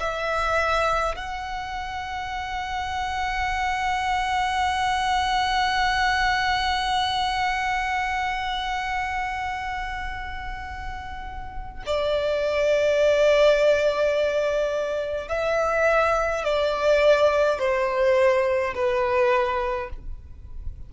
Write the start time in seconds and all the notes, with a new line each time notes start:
0.00 E5
1.16 F#5
11.86 D5
15.29 E5
16.44 D5
17.59 C5
18.74 B4